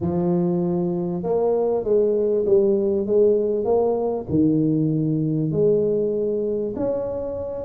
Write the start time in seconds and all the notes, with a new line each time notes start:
0.00 F3
1.23 A#3
1.84 G#3
2.45 G3
3.06 G#3
3.65 A#3
4.29 D#3
5.51 G#3
6.75 C#4